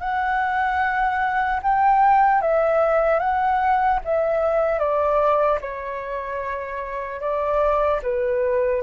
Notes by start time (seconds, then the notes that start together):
0.00 F#5
1.62 G5
2.41 E5
3.19 F#5
4.04 E5
4.79 D5
5.61 C#5
7.20 D5
8.03 B4